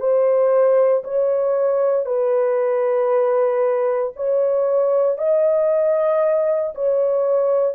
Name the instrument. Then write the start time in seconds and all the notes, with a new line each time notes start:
horn
0.00 C5
1.04 C#5
2.05 B4
4.16 C#5
5.18 D#5
6.75 C#5